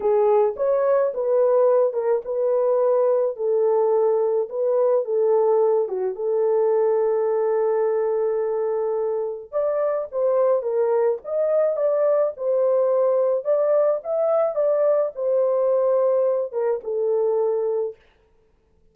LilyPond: \new Staff \with { instrumentName = "horn" } { \time 4/4 \tempo 4 = 107 gis'4 cis''4 b'4. ais'8 | b'2 a'2 | b'4 a'4. fis'8 a'4~ | a'1~ |
a'4 d''4 c''4 ais'4 | dis''4 d''4 c''2 | d''4 e''4 d''4 c''4~ | c''4. ais'8 a'2 | }